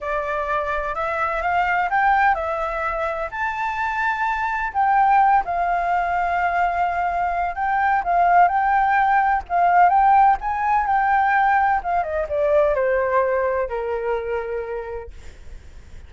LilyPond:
\new Staff \with { instrumentName = "flute" } { \time 4/4 \tempo 4 = 127 d''2 e''4 f''4 | g''4 e''2 a''4~ | a''2 g''4. f''8~ | f''1 |
g''4 f''4 g''2 | f''4 g''4 gis''4 g''4~ | g''4 f''8 dis''8 d''4 c''4~ | c''4 ais'2. | }